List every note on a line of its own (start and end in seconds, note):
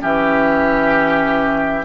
0.00 1.85 E3
0.00 1.85 C#4
0.00 1.85 G4
0.00 1.85 E5